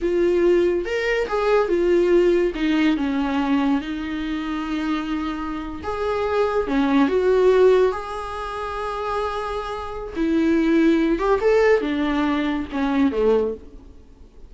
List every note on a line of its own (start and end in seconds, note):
0.01 0.85 F4
0.85 1.27 A#4
1.28 1.68 G#4
1.68 2.53 F4
2.54 2.97 D#4
2.97 3.81 C#4
3.81 5.82 D#4
5.83 6.67 G#4
6.67 7.08 C#4
7.08 7.91 F#4
7.91 10.13 G#4
10.15 11.18 E4
11.18 11.39 G4
11.40 11.81 A4
11.81 12.65 D4
12.71 13.11 C#4
13.11 13.53 A3